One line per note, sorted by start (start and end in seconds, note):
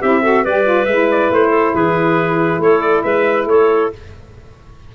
0.00 0.45 C4
0.00 0.23 E4
0.00 0.22 G4
0.00 0.45 E5
0.22 0.45 F#4
0.22 0.43 A4
0.43 0.87 G3
0.43 0.63 G4
0.43 1.49 B4
0.43 0.85 D5
0.63 0.85 F4
0.85 1.30 G#3
0.85 3.95 E4
0.85 1.07 E5
1.11 1.33 D5
1.30 1.74 A3
1.30 1.75 C5
1.49 1.71 A4
1.74 2.59 E3
1.74 2.61 G#4
1.74 2.62 B4
2.59 3.02 A3
2.59 3.04 A4
2.59 2.81 C#5
2.81 3.03 D5
3.03 3.45 G#3
3.03 3.47 B4
3.03 3.47 E5
3.45 3.89 A3
3.45 3.92 A4
3.45 3.92 C#5